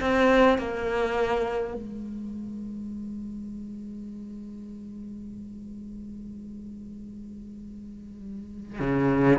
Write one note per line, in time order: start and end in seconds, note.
0.00 0.58 C4
0.58 1.74 A#3
1.74 8.80 G#3
8.80 9.39 C#3